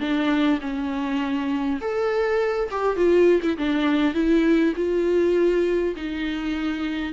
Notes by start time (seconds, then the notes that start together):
0.00 D4
0.61 C#4
1.81 A4
2.71 G4
2.96 F4
3.42 E4
3.58 D4
4.14 E4
4.76 F4
5.96 D#4